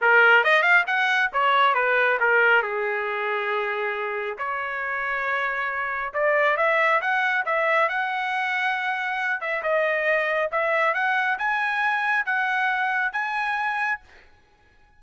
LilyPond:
\new Staff \with { instrumentName = "trumpet" } { \time 4/4 \tempo 4 = 137 ais'4 dis''8 f''8 fis''4 cis''4 | b'4 ais'4 gis'2~ | gis'2 cis''2~ | cis''2 d''4 e''4 |
fis''4 e''4 fis''2~ | fis''4. e''8 dis''2 | e''4 fis''4 gis''2 | fis''2 gis''2 | }